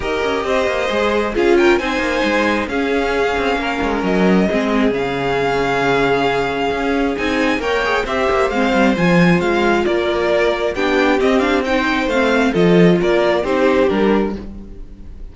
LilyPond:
<<
  \new Staff \with { instrumentName = "violin" } { \time 4/4 \tempo 4 = 134 dis''2. f''8 g''8 | gis''2 f''2~ | f''4 dis''2 f''4~ | f''1 |
gis''4 g''4 e''4 f''4 | gis''4 f''4 d''2 | g''4 dis''8 f''8 g''4 f''4 | dis''4 d''4 c''4 ais'4 | }
  \new Staff \with { instrumentName = "violin" } { \time 4/4 ais'4 c''2 gis'8 ais'8 | c''2 gis'2 | ais'2 gis'2~ | gis'1~ |
gis'4 cis''4 c''2~ | c''2 ais'2 | g'2 c''2 | a'4 ais'4 g'2 | }
  \new Staff \with { instrumentName = "viola" } { \time 4/4 g'2 gis'4 f'4 | dis'2 cis'2~ | cis'2 c'4 cis'4~ | cis'1 |
dis'4 ais'8 gis'8 g'4 c'4 | f'1 | d'4 c'8 d'8 dis'4 c'4 | f'2 dis'4 d'4 | }
  \new Staff \with { instrumentName = "cello" } { \time 4/4 dis'8 cis'8 c'8 ais8 gis4 cis'4 | c'8 ais8 gis4 cis'4. c'8 | ais8 gis8 fis4 gis4 cis4~ | cis2. cis'4 |
c'4 ais4 c'8 ais8 gis8 g8 | f4 gis4 ais2 | b4 c'2 a4 | f4 ais4 c'4 g4 | }
>>